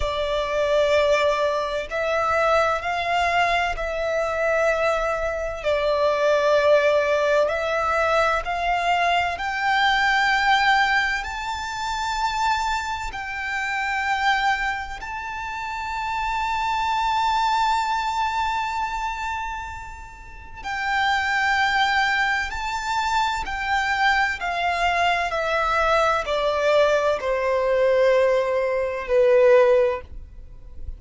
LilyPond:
\new Staff \with { instrumentName = "violin" } { \time 4/4 \tempo 4 = 64 d''2 e''4 f''4 | e''2 d''2 | e''4 f''4 g''2 | a''2 g''2 |
a''1~ | a''2 g''2 | a''4 g''4 f''4 e''4 | d''4 c''2 b'4 | }